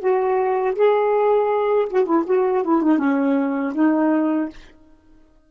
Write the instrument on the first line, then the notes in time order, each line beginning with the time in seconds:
saxophone
0.00 F#4
0.76 G#4
1.90 F#4
2.06 E4
2.27 F#4
2.65 E4
2.83 D#4
2.99 C#4
3.75 D#4